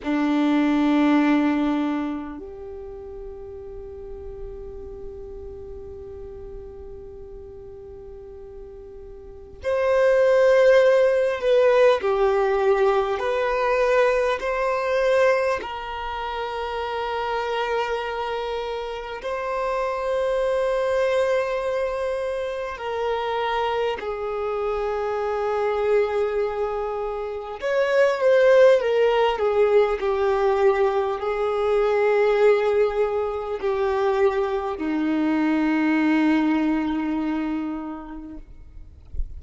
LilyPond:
\new Staff \with { instrumentName = "violin" } { \time 4/4 \tempo 4 = 50 d'2 g'2~ | g'1 | c''4. b'8 g'4 b'4 | c''4 ais'2. |
c''2. ais'4 | gis'2. cis''8 c''8 | ais'8 gis'8 g'4 gis'2 | g'4 dis'2. | }